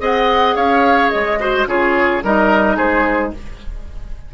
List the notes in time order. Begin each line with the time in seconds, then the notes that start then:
0.00 C4 G#4 D#5 F#5
0.56 C#4 C#5 F5
1.10 G#3 D#5
1.40 F#4 C5
1.67 C#3 F4 G#4 C#5
2.23 G3 D#4 A#4 D#5
2.77 G#3 G#4 C5